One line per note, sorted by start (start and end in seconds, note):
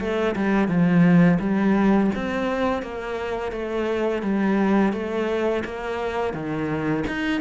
0.00 0.35 A3
0.35 0.68 G3
0.68 1.38 F3
1.40 2.10 G3
2.15 2.82 C4
2.82 3.52 A#3
3.52 4.22 A3
4.22 4.93 G3
4.93 5.63 A3
5.65 6.33 A#3
6.33 7.04 D#3
7.07 7.41 D#4